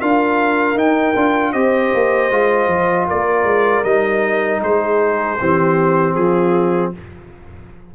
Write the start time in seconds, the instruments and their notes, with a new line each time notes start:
0.00 tuba D4, trombone F4, horn A#4, trumpet F5
0.74 tuba D#4, trombone D#4, trumpet G5
1.15 tuba D4, trombone F4
1.52 tuba C4, trombone G4, horn C5, trumpet D#5
1.94 tuba A#3
2.30 tuba G#3, trombone F4
2.67 tuba F3
3.07 tuba A#3, horn A#4, trumpet D5
3.44 tuba G#3
3.83 tuba G3, trombone D#4, trumpet D#5
4.62 tuba G#3, horn G#4, trumpet C5
5.40 tuba E3, trombone C4, horn G4
6.14 tuba F3, horn F4, trumpet G#4